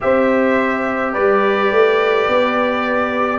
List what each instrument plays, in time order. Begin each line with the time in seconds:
0.00 tuba C4, trombone G4, horn C5, trumpet E5
1.13 tuba G3, horn B4, trumpet D5
1.71 tuba A3
2.28 tuba B3